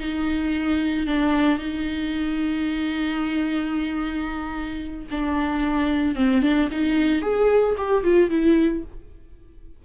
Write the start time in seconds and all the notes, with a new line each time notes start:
0.00 D#4
1.07 D4
1.59 D#4
5.11 D4
6.16 C4
6.42 D4
6.72 D#4
7.22 G#4
7.78 G4
8.04 F4
8.30 E4